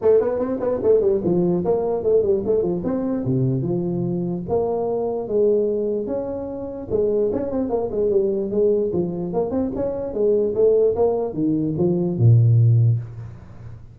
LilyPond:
\new Staff \with { instrumentName = "tuba" } { \time 4/4 \tempo 4 = 148 a8 b8 c'8 b8 a8 g8 f4 | ais4 a8 g8 a8 f8 c'4 | c4 f2 ais4~ | ais4 gis2 cis'4~ |
cis'4 gis4 cis'8 c'8 ais8 gis8 | g4 gis4 f4 ais8 c'8 | cis'4 gis4 a4 ais4 | dis4 f4 ais,2 | }